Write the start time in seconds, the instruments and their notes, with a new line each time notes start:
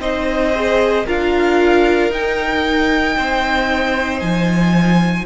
0.00 cello C4, viola D#4, violin C5 D#5
0.55 viola G#4
1.06 cello D4, viola F4, violin A#4 F5
2.11 cello D#4, viola D#4, violin G5
3.17 cello C4, violin C5
4.20 cello F3, violin G#5